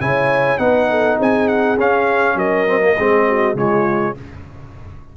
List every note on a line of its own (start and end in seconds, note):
0.00 0.59 C#3
0.00 0.58 E4
0.00 0.60 C#5
0.00 0.58 G#5
0.58 1.18 B3
0.58 1.77 D#4
0.58 0.89 B4
0.58 1.17 F#5
0.90 1.17 A4
1.17 1.78 C4
1.17 2.36 G#4
1.17 1.48 G#5
1.48 1.77 F#5
1.78 2.35 C#4
1.78 2.67 C#4
1.78 2.38 F5
2.35 2.94 F#3
2.35 2.96 A#4
2.35 3.57 D#5
2.67 2.80 C4
2.80 2.95 A#3
2.96 3.54 G#3
2.96 3.55 C4
2.96 3.26 G#4
3.28 3.57 F#4
3.54 4.14 C#3
3.54 4.15 G#3
3.54 4.16 F4
3.54 4.17 C#5